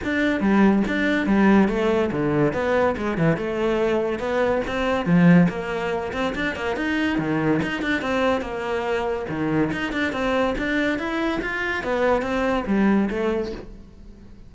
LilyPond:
\new Staff \with { instrumentName = "cello" } { \time 4/4 \tempo 4 = 142 d'4 g4 d'4 g4 | a4 d4 b4 gis8 e8 | a2 b4 c'4 | f4 ais4. c'8 d'8 ais8 |
dis'4 dis4 dis'8 d'8 c'4 | ais2 dis4 dis'8 d'8 | c'4 d'4 e'4 f'4 | b4 c'4 g4 a4 | }